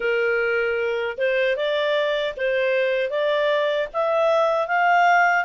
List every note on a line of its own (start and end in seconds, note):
0.00 1.17 A#4
1.17 1.56 C5
1.56 2.34 D5
2.36 3.10 C5
3.10 3.87 D5
3.93 4.67 E5
4.67 5.44 F5